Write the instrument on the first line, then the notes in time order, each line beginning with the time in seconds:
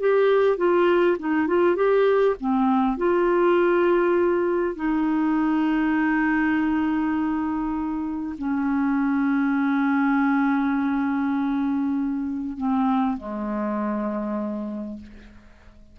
clarinet
0.00 G4
0.57 F4
1.19 D#4
1.47 F4
1.76 G4
2.40 C4
2.98 F4
4.76 D#4
8.38 C#4
12.57 C4
13.18 G#3